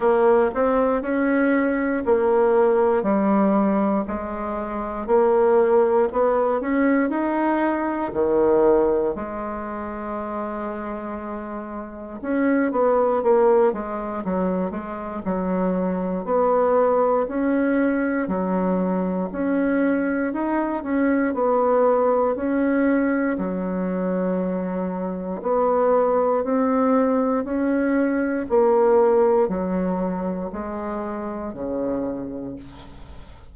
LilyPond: \new Staff \with { instrumentName = "bassoon" } { \time 4/4 \tempo 4 = 59 ais8 c'8 cis'4 ais4 g4 | gis4 ais4 b8 cis'8 dis'4 | dis4 gis2. | cis'8 b8 ais8 gis8 fis8 gis8 fis4 |
b4 cis'4 fis4 cis'4 | dis'8 cis'8 b4 cis'4 fis4~ | fis4 b4 c'4 cis'4 | ais4 fis4 gis4 cis4 | }